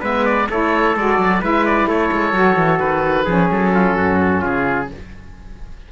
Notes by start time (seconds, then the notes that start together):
0.00 G#3 B3 B4 E5
0.25 D5
0.50 A3 E4 A4 C#5
0.95 G#3 F#4 D5
1.18 F#3
1.40 G#3 E4 B4 E5
1.65 D5
1.87 A3 A4 C#5
2.12 G#3
2.32 F#3 F#4
2.56 E3
2.79 D#3 B4
3.24 F3 C#4 G#4
3.50 F#3 A4
3.74 F4
3.96 F#2 F#4
4.40 C#3 F4 G#4